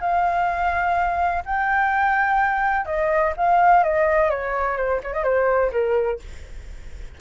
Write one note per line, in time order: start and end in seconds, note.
0.00 1.43 F5
1.45 2.85 G5
2.85 3.33 D#5
3.37 3.83 F5
3.83 4.30 D#5
4.30 4.76 C#5
4.76 5.00 C5
5.03 5.13 C#5
5.13 5.23 D#5
5.23 5.71 C5
5.72 6.19 A#4